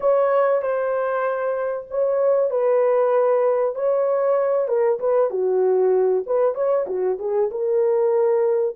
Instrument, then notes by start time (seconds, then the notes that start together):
horn
0.00 C#5
0.62 C5
1.90 C#5
2.50 B4
3.75 C#5
4.67 A#4
4.99 B4
5.30 F#4
6.26 B4
6.55 C#5
6.86 F#4
7.18 G#4
7.50 A#4